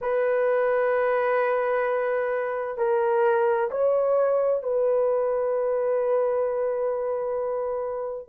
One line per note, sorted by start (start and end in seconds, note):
0.01 2.77 B4
2.77 3.70 A#4
3.70 4.62 C#5
4.62 8.28 B4